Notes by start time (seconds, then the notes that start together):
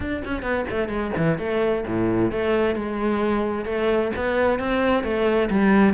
0.00 D4
0.25 C#4
0.42 B3
0.70 A3
0.88 G#3
1.16 E3
1.38 A3
1.87 A2
2.31 A3
2.75 G#3
3.65 A3
4.16 B3
4.59 C4
5.03 A3
5.49 G3